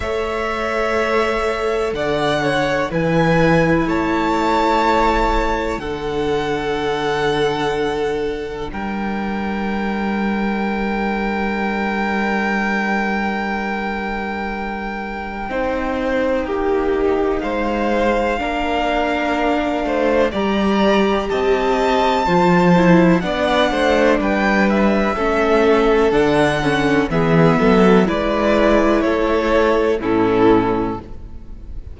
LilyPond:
<<
  \new Staff \with { instrumentName = "violin" } { \time 4/4 \tempo 4 = 62 e''2 fis''4 gis''4 | a''2 fis''2~ | fis''4 g''2.~ | g''1~ |
g''2 f''2~ | f''4 ais''4 a''2 | fis''4 g''8 e''4. fis''4 | e''4 d''4 cis''4 a'4 | }
  \new Staff \with { instrumentName = "violin" } { \time 4/4 cis''2 d''8 cis''8 b'4 | cis''2 a'2~ | a'4 ais'2.~ | ais'1 |
c''4 g'4 c''4 ais'4~ | ais'8 c''8 d''4 dis''4 c''4 | d''8 c''8 b'4 a'2 | gis'8 a'8 b'4 a'4 e'4 | }
  \new Staff \with { instrumentName = "viola" } { \time 4/4 a'2. e'4~ | e'2 d'2~ | d'1~ | d'1 |
dis'2. d'4~ | d'4 g'2 f'8 e'8 | d'2 cis'4 d'8 cis'8 | b4 e'2 cis'4 | }
  \new Staff \with { instrumentName = "cello" } { \time 4/4 a2 d4 e4 | a2 d2~ | d4 g2.~ | g1 |
c'4 ais4 gis4 ais4~ | ais8 a8 g4 c'4 f4 | b8 a8 g4 a4 d4 | e8 fis8 gis4 a4 a,4 | }
>>